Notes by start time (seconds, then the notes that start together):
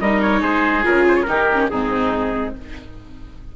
0.00 G3 D#4 A#4 D#5
0.22 C#5
0.41 G#3 G#4 C5
0.83 C#3 F4 A#4
1.08 C5
1.16 C#5
1.23 D#3 D#4 G4 A#4
1.53 C#4
1.70 G#2 C4 D#4 G#4